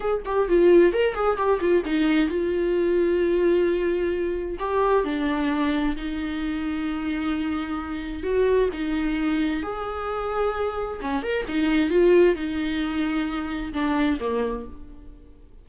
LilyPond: \new Staff \with { instrumentName = "viola" } { \time 4/4 \tempo 4 = 131 gis'8 g'8 f'4 ais'8 gis'8 g'8 f'8 | dis'4 f'2.~ | f'2 g'4 d'4~ | d'4 dis'2.~ |
dis'2 fis'4 dis'4~ | dis'4 gis'2. | cis'8 ais'8 dis'4 f'4 dis'4~ | dis'2 d'4 ais4 | }